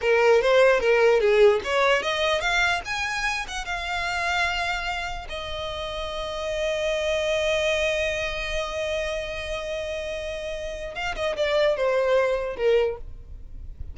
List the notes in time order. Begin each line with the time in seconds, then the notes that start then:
0.01 A#4
0.41 C5
0.79 A#4
1.20 G#4
1.64 C#5
2.02 D#5
2.40 F5
2.85 G#5
3.48 F#5
3.65 F5
5.29 D#5
10.95 F5
11.15 D#5
11.36 D5
11.76 C5
12.56 A#4